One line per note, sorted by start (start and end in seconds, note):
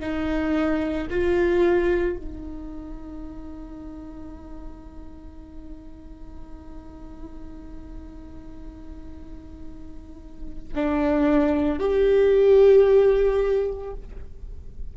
0.00 1.07 D#4
1.10 2.16 F4
2.16 10.73 D#4
10.75 11.79 D4
11.79 13.93 G4